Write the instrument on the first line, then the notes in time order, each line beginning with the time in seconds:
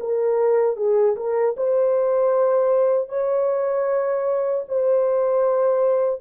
horn
0.00 A#4
0.77 G#4
1.16 A#4
1.57 C5
3.09 C#5
4.68 C5